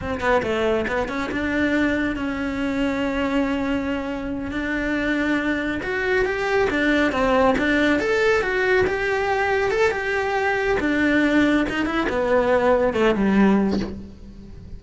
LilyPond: \new Staff \with { instrumentName = "cello" } { \time 4/4 \tempo 4 = 139 c'8 b8 a4 b8 cis'8 d'4~ | d'4 cis'2.~ | cis'2~ cis'8 d'4.~ | d'4. fis'4 g'4 d'8~ |
d'8 c'4 d'4 a'4 fis'8~ | fis'8 g'2 a'8 g'4~ | g'4 d'2 dis'8 e'8 | b2 a8 g4. | }